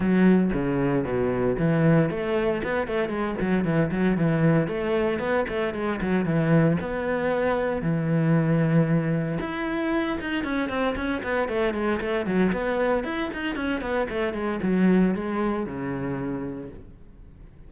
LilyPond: \new Staff \with { instrumentName = "cello" } { \time 4/4 \tempo 4 = 115 fis4 cis4 b,4 e4 | a4 b8 a8 gis8 fis8 e8 fis8 | e4 a4 b8 a8 gis8 fis8 | e4 b2 e4~ |
e2 e'4. dis'8 | cis'8 c'8 cis'8 b8 a8 gis8 a8 fis8 | b4 e'8 dis'8 cis'8 b8 a8 gis8 | fis4 gis4 cis2 | }